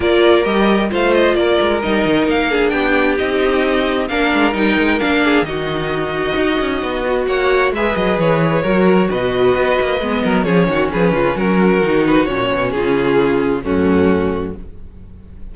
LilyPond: <<
  \new Staff \with { instrumentName = "violin" } { \time 4/4 \tempo 4 = 132 d''4 dis''4 f''8 dis''8 d''4 | dis''4 f''4 g''4 dis''4~ | dis''4 f''4 g''4 f''4 | dis''1 |
fis''4 e''8 dis''8 cis''2 | dis''2. cis''4 | b'4 ais'4. b'8 cis''4 | gis'2 fis'2 | }
  \new Staff \with { instrumentName = "violin" } { \time 4/4 ais'2 c''4 ais'4~ | ais'4. gis'8 g'2~ | g'4 ais'2~ ais'8 gis'8 | fis'1 |
cis''4 b'2 ais'4 | b'2~ b'8 ais'8 gis'8 fis'8 | gis'8 f'8 fis'2. | f'2 cis'2 | }
  \new Staff \with { instrumentName = "viola" } { \time 4/4 f'4 g'4 f'2 | dis'4. d'4. dis'4~ | dis'4 d'4 dis'4 d'4 | dis'2.~ dis'8 fis'8~ |
fis'4 gis'2 fis'4~ | fis'2 b4 cis'4~ | cis'2 dis'4 cis'4~ | cis'2 a2 | }
  \new Staff \with { instrumentName = "cello" } { \time 4/4 ais4 g4 a4 ais8 gis8 | g8 dis8 ais4 b4 c'4~ | c'4 ais8 gis8 g8 gis8 ais4 | dis2 dis'8 cis'8 b4 |
ais4 gis8 fis8 e4 fis4 | b,4 b8 ais8 gis8 fis8 f8 dis8 | f8 cis8 fis4 dis4 ais,8 b,8 | cis2 fis,2 | }
>>